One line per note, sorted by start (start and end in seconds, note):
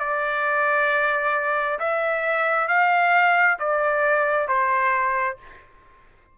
0.00 1.79 D5
1.80 2.68 E5
2.68 3.58 F5
3.59 4.48 D5
4.48 5.38 C5